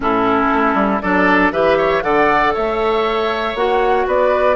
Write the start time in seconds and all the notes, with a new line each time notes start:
0.00 A2 C#4 E4 A4
0.53 A3
0.74 G3
1.01 F#3 D4 A4 D5
1.52 E3 G4 B4 E5
1.77 C#5
2.02 D3 A4 D5 F#5
2.54 A3 C#5 E5
3.54 A#3 F#4 F#5
4.07 B3 B4 D5